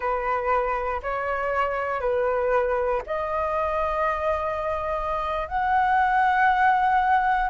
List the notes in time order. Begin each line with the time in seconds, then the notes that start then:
0.00 B4
1.02 C#5
2.00 B4
3.06 D#5
5.48 F#5